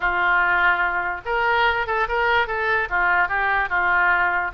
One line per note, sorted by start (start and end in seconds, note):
0.00 1.21 F4
1.25 1.86 A#4
1.86 2.07 A4
2.08 2.47 A#4
2.47 2.88 A4
2.89 3.28 F4
3.28 3.69 G4
3.69 4.51 F4